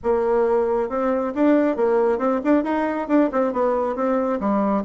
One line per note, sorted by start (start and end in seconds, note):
0.03 0.89 A#3
0.89 1.33 C4
1.34 1.76 D4
1.76 2.18 A#3
2.18 2.40 C4
2.44 2.63 D4
2.63 3.07 D#4
3.08 3.30 D4
3.32 3.53 C4
3.53 3.95 B3
3.95 4.39 C4
4.40 4.84 G3